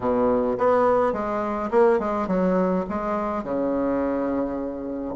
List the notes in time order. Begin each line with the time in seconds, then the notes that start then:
0.00 B2
0.58 B3
1.12 G#3
1.70 A#3
1.99 G#3
2.27 F#3
2.89 G#3
3.43 C#3